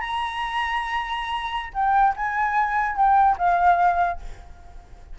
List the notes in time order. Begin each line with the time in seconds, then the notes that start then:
0.00 A#5
1.73 G5
2.16 G#5
2.96 G5
3.38 F5